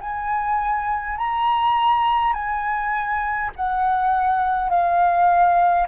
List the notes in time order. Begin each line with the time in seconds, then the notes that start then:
0.00 G#5
1.18 A#5
2.33 G#5
3.56 F#5
4.70 F5